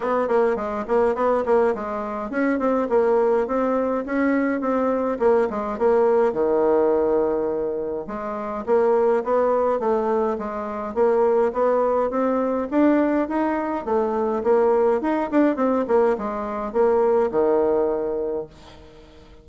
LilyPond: \new Staff \with { instrumentName = "bassoon" } { \time 4/4 \tempo 4 = 104 b8 ais8 gis8 ais8 b8 ais8 gis4 | cis'8 c'8 ais4 c'4 cis'4 | c'4 ais8 gis8 ais4 dis4~ | dis2 gis4 ais4 |
b4 a4 gis4 ais4 | b4 c'4 d'4 dis'4 | a4 ais4 dis'8 d'8 c'8 ais8 | gis4 ais4 dis2 | }